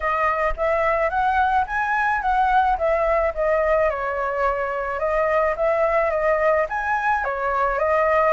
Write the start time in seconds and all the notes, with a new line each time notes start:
0.00 D#5
0.56 E5
1.09 F#5
1.66 G#5
2.21 F#5
2.78 E5
3.34 D#5
3.90 C#5
4.99 D#5
5.56 E5
6.10 D#5
6.69 G#5
7.24 C#5
7.78 D#5